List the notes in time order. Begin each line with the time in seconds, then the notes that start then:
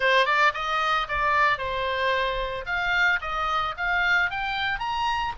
0.00 C5
0.25 D5
0.54 D#5
1.08 D5
1.58 C5
2.65 F5
3.21 D#5
3.77 F5
4.30 G5
4.79 A#5